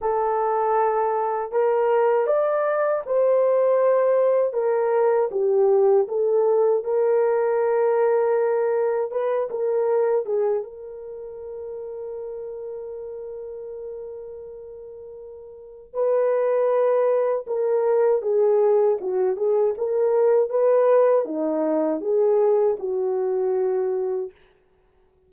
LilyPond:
\new Staff \with { instrumentName = "horn" } { \time 4/4 \tempo 4 = 79 a'2 ais'4 d''4 | c''2 ais'4 g'4 | a'4 ais'2. | b'8 ais'4 gis'8 ais'2~ |
ais'1~ | ais'4 b'2 ais'4 | gis'4 fis'8 gis'8 ais'4 b'4 | dis'4 gis'4 fis'2 | }